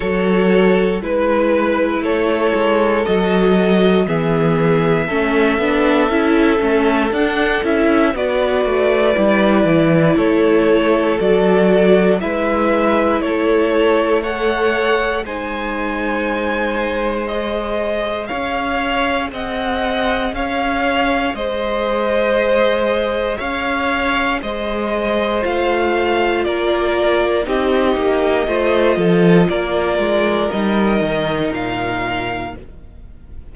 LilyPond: <<
  \new Staff \with { instrumentName = "violin" } { \time 4/4 \tempo 4 = 59 cis''4 b'4 cis''4 dis''4 | e''2. fis''8 e''8 | d''2 cis''4 d''4 | e''4 cis''4 fis''4 gis''4~ |
gis''4 dis''4 f''4 fis''4 | f''4 dis''2 f''4 | dis''4 f''4 d''4 dis''4~ | dis''4 d''4 dis''4 f''4 | }
  \new Staff \with { instrumentName = "violin" } { \time 4/4 a'4 b'4 a'2 | gis'4 a'2. | b'2 a'2 | b'4 a'4 cis''4 c''4~ |
c''2 cis''4 dis''4 | cis''4 c''2 cis''4 | c''2 ais'4 g'4 | c''8 a'8 ais'2. | }
  \new Staff \with { instrumentName = "viola" } { \time 4/4 fis'4 e'2 fis'4 | b4 cis'8 d'8 e'8 cis'8 d'8 e'8 | fis'4 e'2 fis'4 | e'2 a'4 dis'4~ |
dis'4 gis'2.~ | gis'1~ | gis'4 f'2 dis'4 | f'2 dis'2 | }
  \new Staff \with { instrumentName = "cello" } { \time 4/4 fis4 gis4 a8 gis8 fis4 | e4 a8 b8 cis'8 a8 d'8 cis'8 | b8 a8 g8 e8 a4 fis4 | gis4 a2 gis4~ |
gis2 cis'4 c'4 | cis'4 gis2 cis'4 | gis4 a4 ais4 c'8 ais8 | a8 f8 ais8 gis8 g8 dis8 ais,4 | }
>>